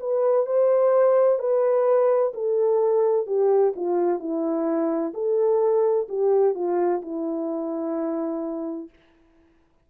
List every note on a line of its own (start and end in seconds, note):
0.00 0.46 B4
0.46 1.39 C5
1.39 2.33 B4
2.34 3.27 A4
3.27 3.74 G4
3.76 4.19 F4
4.19 5.13 E4
5.14 6.08 A4
6.09 6.55 G4
6.55 7.01 F4
7.02 8.89 E4